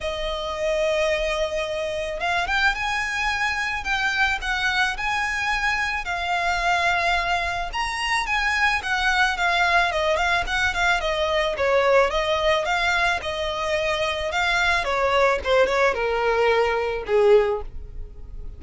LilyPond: \new Staff \with { instrumentName = "violin" } { \time 4/4 \tempo 4 = 109 dis''1 | f''8 g''8 gis''2 g''4 | fis''4 gis''2 f''4~ | f''2 ais''4 gis''4 |
fis''4 f''4 dis''8 f''8 fis''8 f''8 | dis''4 cis''4 dis''4 f''4 | dis''2 f''4 cis''4 | c''8 cis''8 ais'2 gis'4 | }